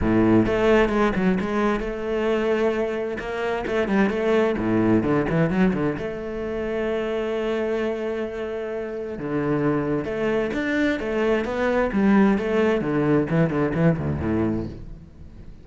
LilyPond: \new Staff \with { instrumentName = "cello" } { \time 4/4 \tempo 4 = 131 a,4 a4 gis8 fis8 gis4 | a2. ais4 | a8 g8 a4 a,4 d8 e8 | fis8 d8 a2.~ |
a1 | d2 a4 d'4 | a4 b4 g4 a4 | d4 e8 d8 e8 d,8 a,4 | }